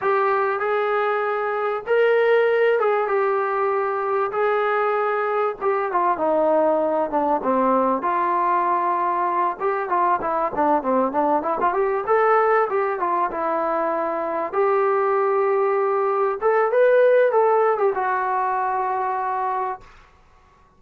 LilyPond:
\new Staff \with { instrumentName = "trombone" } { \time 4/4 \tempo 4 = 97 g'4 gis'2 ais'4~ | ais'8 gis'8 g'2 gis'4~ | gis'4 g'8 f'8 dis'4. d'8 | c'4 f'2~ f'8 g'8 |
f'8 e'8 d'8 c'8 d'8 e'16 f'16 g'8 a'8~ | a'8 g'8 f'8 e'2 g'8~ | g'2~ g'8 a'8 b'4 | a'8. g'16 fis'2. | }